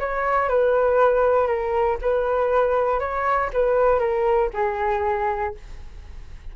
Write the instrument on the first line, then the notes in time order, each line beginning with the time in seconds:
flute
0.00 C#5
0.49 B4
1.48 A#4
2.02 B4
3.00 C#5
3.53 B4
3.99 A#4
4.54 G#4